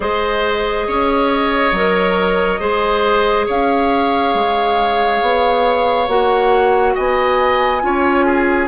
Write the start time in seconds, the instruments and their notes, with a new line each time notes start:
0.00 bassoon G#3, clarinet G#4, oboe C5, flute D#5
0.87 bassoon C#4, oboe C#5
1.72 bassoon F#3, clarinet A#4
2.59 bassoon G#3, clarinet G#4, oboe C5
3.46 bassoon C#4, oboe C#5, flute F5
4.34 bassoon G#3
5.21 bassoon B3
6.07 bassoon A#3, clarinet F#4, flute F#5
6.94 bassoon B3, oboe D#5, flute G#5
7.81 bassoon C#4, clarinet F4, oboe C#5
8.25 oboe G#4